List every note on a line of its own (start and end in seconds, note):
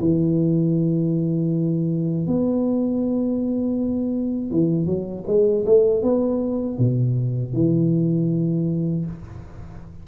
0.00 2.27 E3
2.27 4.51 B3
4.51 4.86 E3
4.86 5.24 F#3
5.27 5.65 G#3
5.66 6.03 A3
6.03 6.78 B3
6.78 7.54 B2
7.54 9.06 E3